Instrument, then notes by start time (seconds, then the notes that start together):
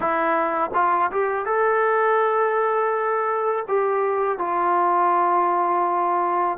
trombone
0.00 E4
0.74 F4
1.11 G4
1.45 A4
3.68 G4
4.38 F4